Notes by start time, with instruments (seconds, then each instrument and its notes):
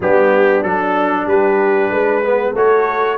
0.00 tuba G3, trombone B3, horn D4, trumpet G4
0.63 tuba F#3, trombone D4, trumpet A4
1.26 tuba G3, horn G4, trumpet B4
1.90 tuba G#3, horn B4
2.24 trombone B3
2.52 tuba A3, trombone F#4, horn A4, trumpet C#5